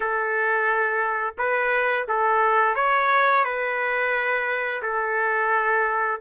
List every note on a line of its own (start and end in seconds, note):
0.00 1.34 A4
1.38 2.07 B4
2.08 2.75 A4
2.75 3.44 C#5
3.44 4.82 B4
4.82 6.20 A4